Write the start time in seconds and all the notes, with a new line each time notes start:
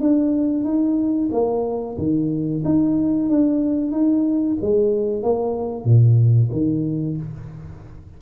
0.00 D4
0.64 D#4
1.32 A#3
1.98 D#3
2.65 D#4
3.29 D4
3.92 D#4
4.62 G#3
5.23 A#3
5.85 A#2
6.52 D#3